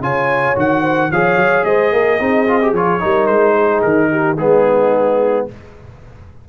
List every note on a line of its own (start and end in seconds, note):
0.00 0.55 C#3
0.00 0.56 F4
0.00 0.82 C#5
0.00 0.57 G#5
0.56 1.11 D#3
0.56 1.10 F#4
0.56 1.12 F#5
0.82 1.09 C5
1.12 1.37 F3
1.12 2.20 G#4
1.12 1.66 C#5
1.12 1.65 F5
1.37 1.64 F#3
1.65 1.92 G#3
1.65 1.93 C5
1.65 2.74 D#5
1.92 2.20 A#3
1.92 2.20 A#4
2.20 2.73 C4
2.20 2.47 D#4
2.20 3.02 G#4
2.48 2.61 F4
2.62 2.75 G4
2.73 3.00 F3
2.73 3.00 F4
2.73 3.27 C#5
3.00 3.28 G3
3.00 4.36 D#4
3.00 3.54 A#4
3.27 3.83 G#3
3.27 3.81 C5
3.54 4.09 G#4
3.82 4.38 D#3
3.82 4.37 A#4
4.11 4.37 G4
4.37 5.47 G#3
4.37 5.49 B3
4.37 5.46 D#4
4.37 5.47 G#4